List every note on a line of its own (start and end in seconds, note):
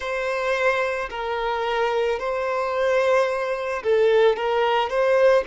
0.00 1.09 C5
1.10 2.19 A#4
2.19 3.82 C5
3.83 4.36 A4
4.36 4.89 A#4
4.89 5.43 C5